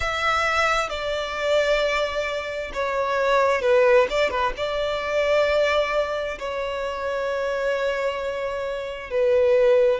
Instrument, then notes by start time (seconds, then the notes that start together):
violin
0.00 E5
0.89 D5
2.73 C#5
3.61 B4
4.09 D5
4.30 B4
4.56 D5
6.38 C#5
9.10 B4